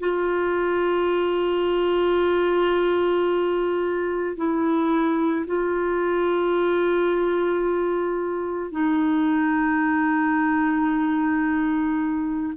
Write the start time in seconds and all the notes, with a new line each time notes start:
0.00 F4
4.37 E4
5.46 F4
8.72 D#4